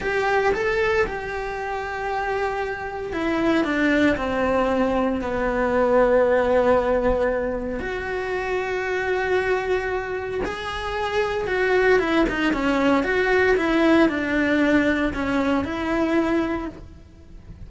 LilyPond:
\new Staff \with { instrumentName = "cello" } { \time 4/4 \tempo 4 = 115 g'4 a'4 g'2~ | g'2 e'4 d'4 | c'2 b2~ | b2. fis'4~ |
fis'1 | gis'2 fis'4 e'8 dis'8 | cis'4 fis'4 e'4 d'4~ | d'4 cis'4 e'2 | }